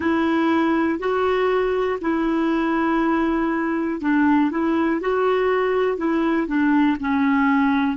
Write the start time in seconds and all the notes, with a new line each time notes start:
0.00 E4
0.99 F#4
2.00 E4
4.00 D4
4.50 E4
5.00 F#4
5.97 E4
6.47 D4
7.00 C#4